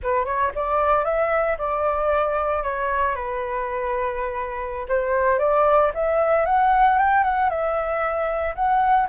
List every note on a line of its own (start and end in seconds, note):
0.02 0.25 B4
0.25 0.51 C#5
0.55 1.04 D5
1.04 1.57 E5
1.58 2.63 D5
2.63 3.15 C#5
3.15 4.86 B4
4.88 5.39 C5
5.39 5.91 D5
5.94 6.45 E5
6.45 6.98 F#5
6.98 7.23 G5
7.23 7.49 F#5
7.49 8.54 E5
8.55 9.07 F#5